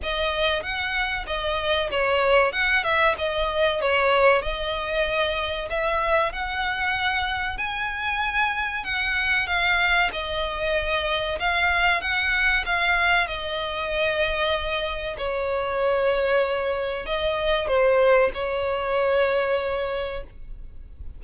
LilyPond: \new Staff \with { instrumentName = "violin" } { \time 4/4 \tempo 4 = 95 dis''4 fis''4 dis''4 cis''4 | fis''8 e''8 dis''4 cis''4 dis''4~ | dis''4 e''4 fis''2 | gis''2 fis''4 f''4 |
dis''2 f''4 fis''4 | f''4 dis''2. | cis''2. dis''4 | c''4 cis''2. | }